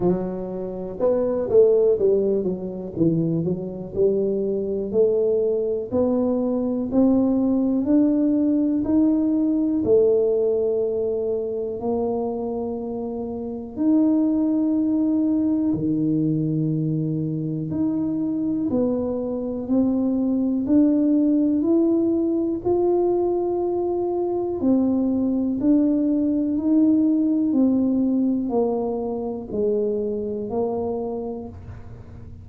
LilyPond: \new Staff \with { instrumentName = "tuba" } { \time 4/4 \tempo 4 = 61 fis4 b8 a8 g8 fis8 e8 fis8 | g4 a4 b4 c'4 | d'4 dis'4 a2 | ais2 dis'2 |
dis2 dis'4 b4 | c'4 d'4 e'4 f'4~ | f'4 c'4 d'4 dis'4 | c'4 ais4 gis4 ais4 | }